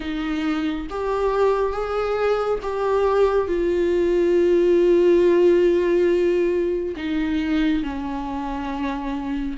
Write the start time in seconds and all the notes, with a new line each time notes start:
0.00 D#4
0.89 G4
1.72 G#4
2.62 G4
3.47 F4
6.96 D#4
7.83 C#4